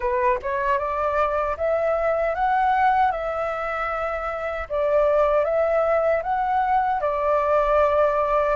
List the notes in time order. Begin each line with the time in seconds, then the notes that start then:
0.00 B4
0.42 C#5
0.78 D5
1.57 E5
2.34 F#5
3.11 E5
4.69 D5
5.44 E5
6.22 F#5
7.01 D5